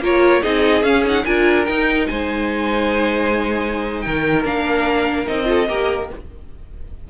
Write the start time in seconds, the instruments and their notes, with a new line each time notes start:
0.00 cello A#3, viola F4, violin A#4 C#5
0.43 cello C4, viola D#4, violin G#4 D#5
0.83 cello C#4, viola C#4, violin F5
1.05 viola D#4, violin F#5
1.25 cello D4, viola F4, violin A#4 G#5
1.65 cello D#4, viola D#4, violin G5
2.07 cello G#3, violin C5 G#5
4.01 cello D#3, violin A#4 G5
4.44 cello A#3, viola D4, violin F5
5.27 cello C4, viola D#4, violin D#5
5.45 viola F4, violin A4
5.68 cello A#3, viola G4, violin A#4